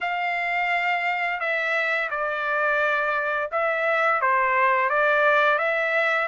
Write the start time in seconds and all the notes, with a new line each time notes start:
0.01 F5
1.40 E5
2.10 D5
3.51 E5
4.21 C5
4.89 D5
5.58 E5